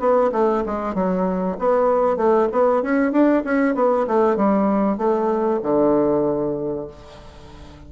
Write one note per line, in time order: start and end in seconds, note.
0.00 0.31 B3
0.33 0.64 A3
0.66 0.95 G#3
0.95 1.58 F#3
1.59 2.17 B3
2.17 2.49 A3
2.53 2.83 B3
2.83 3.12 C#4
3.12 3.43 D4
3.45 3.76 C#4
3.76 4.07 B3
4.08 4.37 A3
4.37 4.98 G3
4.98 5.61 A3
5.63 6.88 D3